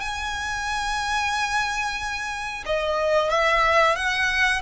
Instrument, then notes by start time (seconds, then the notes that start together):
violin
0.00 G#5
2.66 D#5
3.30 E5
3.96 F#5